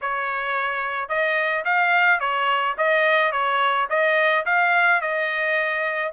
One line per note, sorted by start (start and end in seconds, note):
0.01 1.08 C#5
1.08 1.64 D#5
1.65 2.20 F5
2.20 2.75 C#5
2.77 3.32 D#5
3.32 3.87 C#5
3.89 4.45 D#5
4.45 5.01 F5
5.01 6.12 D#5